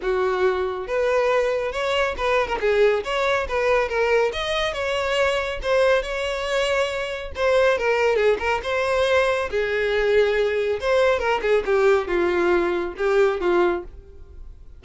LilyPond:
\new Staff \with { instrumentName = "violin" } { \time 4/4 \tempo 4 = 139 fis'2 b'2 | cis''4 b'8. ais'16 gis'4 cis''4 | b'4 ais'4 dis''4 cis''4~ | cis''4 c''4 cis''2~ |
cis''4 c''4 ais'4 gis'8 ais'8 | c''2 gis'2~ | gis'4 c''4 ais'8 gis'8 g'4 | f'2 g'4 f'4 | }